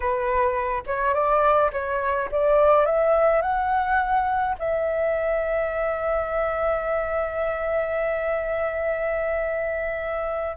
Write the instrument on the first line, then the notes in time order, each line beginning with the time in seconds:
flute
0.00 B4
0.86 C#5
1.14 D5
1.72 C#5
2.31 D5
2.85 E5
3.41 F#5
4.58 E5